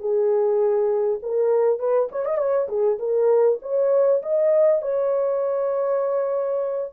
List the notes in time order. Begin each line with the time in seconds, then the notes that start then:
0.00 G#4
1.23 A#4
1.79 B4
2.12 C#5
2.25 D#5
2.38 C#5
2.68 G#4
2.99 A#4
3.62 C#5
4.22 D#5
4.82 C#5